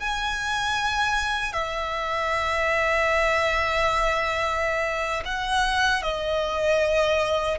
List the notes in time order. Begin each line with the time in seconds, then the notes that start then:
0.00 G#5
1.53 E5
5.25 F#5
6.03 D#5